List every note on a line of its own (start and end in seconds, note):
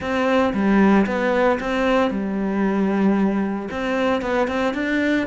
0.00 0.53 C4
0.53 1.06 G3
1.06 1.58 B3
1.59 2.11 C4
2.11 3.68 G3
3.70 4.21 C4
4.21 4.47 B3
4.47 4.74 C4
4.74 5.26 D4